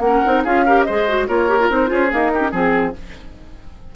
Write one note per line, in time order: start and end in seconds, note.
0.00 0.21 A#3
0.00 0.26 C#4
0.00 0.43 F#5
0.06 0.44 A#4
0.26 0.45 C4
0.26 0.46 D#4
0.44 0.87 C#4
0.44 0.67 F4
0.44 0.65 G#4
0.44 0.83 F5
0.67 0.88 G4
0.67 0.86 A#4
0.83 1.08 G#4
0.83 1.28 C5
0.83 1.25 D#5
0.90 1.28 G#3
1.08 1.28 F#4
1.28 1.70 A#3
1.28 1.49 F4
1.28 1.91 A#4
1.28 1.70 C#5
1.49 1.59 G4
1.60 1.70 F4
1.70 1.91 C4
1.70 1.87 D#4
1.70 2.12 C5
1.87 2.12 C#4
1.87 2.08 F4
1.87 2.32 G#4
2.11 2.32 A#3
2.11 2.53 D#4
2.11 2.54 A#4
2.34 2.41 D#4
2.34 2.51 G4
2.41 2.51 C#4
2.51 2.94 F3
2.51 2.93 C4
2.51 2.93 G#4
2.51 2.96 G#4